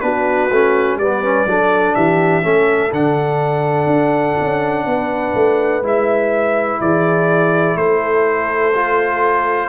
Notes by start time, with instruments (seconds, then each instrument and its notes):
0.00 tuba B3, trombone D4, horn F#4, trumpet B4
0.51 tuba A3, trombone C#4
0.96 tuba G3, trombone B3, horn B4, trumpet D5
1.22 trombone C#4
1.45 tuba F#3, trombone D4, horn A4
1.95 tuba E3, horn G4, trumpet E5
2.42 tuba A3, trombone C#4, horn A4
2.93 tuba D3, trombone D4, trumpet F#5
3.86 tuba D4
4.40 tuba C#4
4.86 tuba B3, horn B4
5.34 tuba A3
5.82 tuba G#3, trombone E4, trumpet E5
6.80 tuba E3, horn G#4, trumpet D5
7.75 tuba A3, horn A4, trumpet C5
8.75 trombone F4